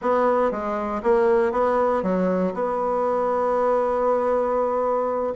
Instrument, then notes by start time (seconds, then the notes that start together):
bassoon
0.01 B3
0.51 G#3
1.02 A#3
1.52 B3
2.02 F#3
2.54 B3